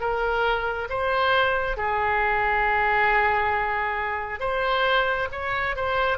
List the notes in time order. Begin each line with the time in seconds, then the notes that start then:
0.00 A#4
0.89 C5
1.77 G#4
4.40 C5
5.32 C#5
5.76 C5